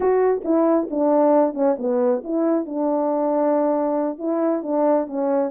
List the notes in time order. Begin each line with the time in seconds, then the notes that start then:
0.00 F#4
0.44 E4
0.90 D4
1.54 C#4
1.78 B3
2.24 E4
2.65 D4
4.18 E4
4.62 D4
5.06 C#4